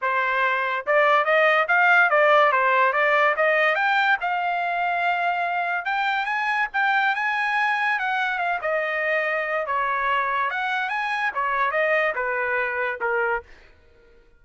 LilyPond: \new Staff \with { instrumentName = "trumpet" } { \time 4/4 \tempo 4 = 143 c''2 d''4 dis''4 | f''4 d''4 c''4 d''4 | dis''4 g''4 f''2~ | f''2 g''4 gis''4 |
g''4 gis''2 fis''4 | f''8 dis''2~ dis''8 cis''4~ | cis''4 fis''4 gis''4 cis''4 | dis''4 b'2 ais'4 | }